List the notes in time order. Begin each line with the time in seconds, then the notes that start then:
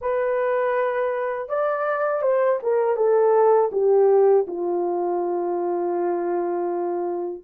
0.01 B4
1.48 D5
2.22 C5
2.63 A#4
2.96 A4
3.72 G4
4.47 F4